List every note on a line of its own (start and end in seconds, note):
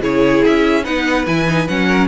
0.00 0.41 C#3
0.00 0.83 E4
0.00 0.83 G#4
0.00 0.44 C#5
0.45 0.87 C#4
0.45 0.84 E5
0.83 1.26 B3
0.83 1.24 D#4
0.83 1.87 B4
0.83 1.26 F#5
1.26 1.68 E3
1.26 1.47 E4
1.26 1.68 G#5
1.48 1.67 D#4
1.67 2.07 F#3
1.67 2.07 C#4
1.67 2.07 F#5
1.87 2.07 A#4